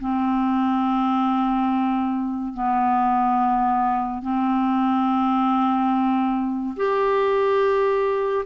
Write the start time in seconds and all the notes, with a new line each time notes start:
0.00 C4
2.54 B3
4.22 C4
6.76 G4